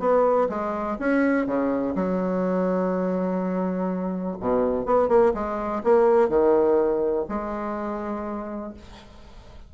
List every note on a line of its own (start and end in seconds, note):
0.00 0.48 B3
0.50 0.98 G#3
1.00 1.47 C#4
1.47 1.95 C#3
1.96 4.37 F#3
4.40 4.86 B2
4.86 5.09 B3
5.09 5.33 A#3
5.34 5.83 G#3
5.84 6.29 A#3
6.29 7.26 D#3
7.29 8.74 G#3